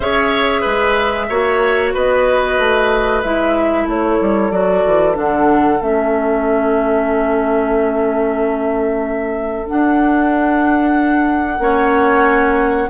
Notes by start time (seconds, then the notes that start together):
0.00 C#4 G#4 C#5 E5
0.61 G#3 B4
1.29 A#3 F#4 C#5
1.93 B3 B4 D#5
2.58 A3
3.22 G#3 E4 E5
3.84 A3 A4 C#5
4.21 G3
4.51 F#3 F#4 D5
4.86 E3
5.13 D3 D4 F#5
5.80 A3 C#4 E5
9.67 D4 F#5
11.58 A#3 C#4 C#5